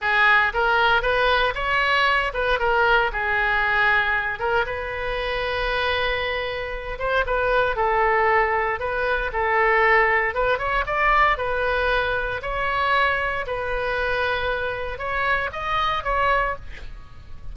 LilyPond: \new Staff \with { instrumentName = "oboe" } { \time 4/4 \tempo 4 = 116 gis'4 ais'4 b'4 cis''4~ | cis''8 b'8 ais'4 gis'2~ | gis'8 ais'8 b'2.~ | b'4. c''8 b'4 a'4~ |
a'4 b'4 a'2 | b'8 cis''8 d''4 b'2 | cis''2 b'2~ | b'4 cis''4 dis''4 cis''4 | }